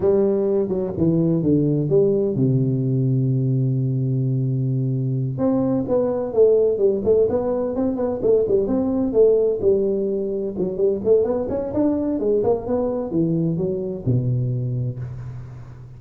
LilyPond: \new Staff \with { instrumentName = "tuba" } { \time 4/4 \tempo 4 = 128 g4. fis8 e4 d4 | g4 c2.~ | c2.~ c8 c'8~ | c'8 b4 a4 g8 a8 b8~ |
b8 c'8 b8 a8 g8 c'4 a8~ | a8 g2 fis8 g8 a8 | b8 cis'8 d'4 gis8 ais8 b4 | e4 fis4 b,2 | }